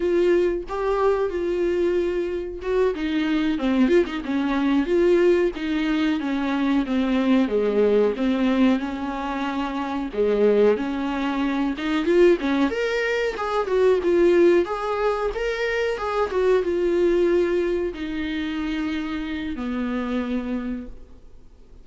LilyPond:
\new Staff \with { instrumentName = "viola" } { \time 4/4 \tempo 4 = 92 f'4 g'4 f'2 | fis'8 dis'4 c'8 f'16 dis'16 cis'4 f'8~ | f'8 dis'4 cis'4 c'4 gis8~ | gis8 c'4 cis'2 gis8~ |
gis8 cis'4. dis'8 f'8 cis'8 ais'8~ | ais'8 gis'8 fis'8 f'4 gis'4 ais'8~ | ais'8 gis'8 fis'8 f'2 dis'8~ | dis'2 b2 | }